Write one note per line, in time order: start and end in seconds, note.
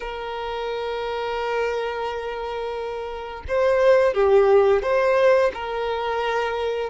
0.00 3.43 A#4
3.47 4.14 C5
4.14 4.82 G4
4.82 5.51 C5
5.53 6.90 A#4